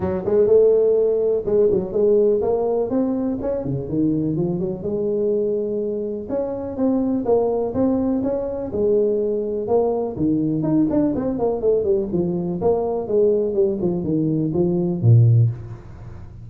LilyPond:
\new Staff \with { instrumentName = "tuba" } { \time 4/4 \tempo 4 = 124 fis8 gis8 a2 gis8 fis8 | gis4 ais4 c'4 cis'8 cis8 | dis4 f8 fis8 gis2~ | gis4 cis'4 c'4 ais4 |
c'4 cis'4 gis2 | ais4 dis4 dis'8 d'8 c'8 ais8 | a8 g8 f4 ais4 gis4 | g8 f8 dis4 f4 ais,4 | }